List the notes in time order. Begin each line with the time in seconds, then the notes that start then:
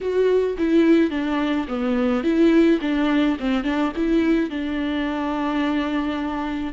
0.00 F#4
0.58 E4
1.10 D4
1.68 B3
2.23 E4
2.81 D4
3.39 C4
3.64 D4
3.96 E4
4.50 D4